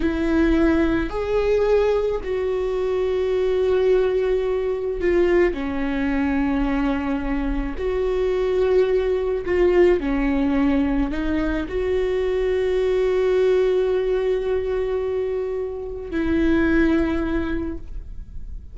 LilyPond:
\new Staff \with { instrumentName = "viola" } { \time 4/4 \tempo 4 = 108 e'2 gis'2 | fis'1~ | fis'4 f'4 cis'2~ | cis'2 fis'2~ |
fis'4 f'4 cis'2 | dis'4 fis'2.~ | fis'1~ | fis'4 e'2. | }